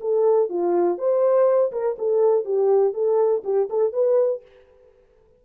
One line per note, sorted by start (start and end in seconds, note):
0.00 0.49 A4
0.49 0.97 F4
0.97 1.71 C5
1.71 1.96 A#4
1.98 2.45 A4
2.45 2.93 G4
2.93 3.42 A4
3.44 3.68 G4
3.69 3.92 A4
3.92 4.42 B4